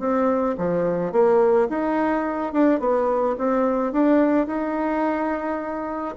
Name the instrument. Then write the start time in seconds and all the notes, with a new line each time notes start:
bassoon
0.00 C4
0.58 F3
1.12 A#3
1.70 D#4
2.53 D4
2.80 B3
3.39 C4
3.93 D4
4.47 D#4